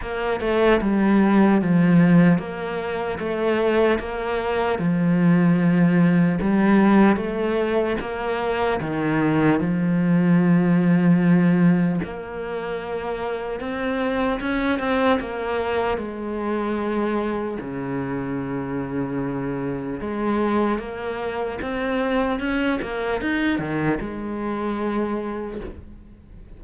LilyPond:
\new Staff \with { instrumentName = "cello" } { \time 4/4 \tempo 4 = 75 ais8 a8 g4 f4 ais4 | a4 ais4 f2 | g4 a4 ais4 dis4 | f2. ais4~ |
ais4 c'4 cis'8 c'8 ais4 | gis2 cis2~ | cis4 gis4 ais4 c'4 | cis'8 ais8 dis'8 dis8 gis2 | }